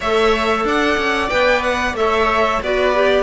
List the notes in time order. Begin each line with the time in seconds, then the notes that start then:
0.00 A3 A4 C#5 E5
0.64 D4 D5 F#5
0.97 C#4
1.29 B3 B4 G5
1.63 F#5
1.93 A3 A4 C#5 E5
2.62 B3 F#4 B4 D5
2.94 G4